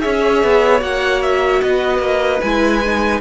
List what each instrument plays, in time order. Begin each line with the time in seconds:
0.00 cello C#4, viola G#4, violin C#5 E5
0.43 cello B3
0.80 cello A#3, viola F#4, violin F#5
1.22 violin E5
1.61 cello B3, violin B4 D#5
1.98 cello A#3
2.41 cello G#3, viola E4, violin G#5
2.85 viola D#4